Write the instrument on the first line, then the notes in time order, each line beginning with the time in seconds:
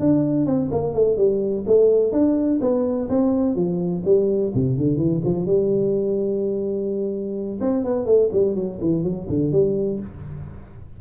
tuba
0.00 D4
0.47 C4
0.72 A#3
0.95 A3
1.17 G3
1.67 A3
2.13 D4
2.61 B3
3.09 C4
3.56 F3
4.05 G3
4.55 C3
4.78 D3
4.97 E3
5.24 F3
5.46 G3
7.61 C4
7.85 B3
8.06 A3
8.33 G3
8.55 F#3
8.81 E3
9.04 F#3
9.29 D3
9.52 G3